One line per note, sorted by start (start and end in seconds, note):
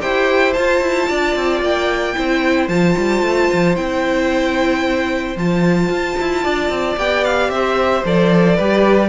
0.00 0.57 E4
0.00 0.54 G4
0.00 1.09 C5
0.00 0.53 G5
0.53 2.16 F4
0.53 0.81 F4
0.53 1.60 A5
0.81 1.08 E4
1.09 1.36 D4
1.09 2.16 D5
1.36 1.61 C4
1.61 2.15 A#3
1.61 2.68 G5
2.16 2.68 C4
2.16 2.69 E4
2.16 6.43 C5
2.68 2.95 F3
2.68 3.76 F4
2.68 3.76 A5
2.98 3.22 G3
3.22 3.49 A3
3.53 3.77 F3
3.76 5.36 C4
3.76 5.37 E4
3.76 5.37 G5
5.36 5.89 F3
5.36 6.97 F4
5.36 6.99 A5
5.90 6.17 F4
6.20 6.46 E4
6.43 6.70 D4
6.43 7.50 D5
6.70 6.96 C4
6.97 7.49 B3
6.97 8.05 G4
6.97 7.25 G5
7.25 7.50 F5
7.49 8.03 C4
7.49 8.56 C5
7.49 8.04 E5
8.05 8.59 F3
8.05 8.58 A4
8.05 9.09 D5
8.56 9.09 G3
8.56 9.09 G4
8.56 9.09 B4